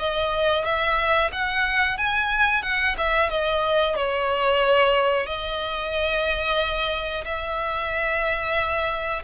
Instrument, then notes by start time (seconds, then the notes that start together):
violin
0.00 D#5
0.65 E5
1.32 F#5
1.98 G#5
2.63 F#5
2.98 E5
3.30 D#5
3.96 C#5
5.27 D#5
7.25 E5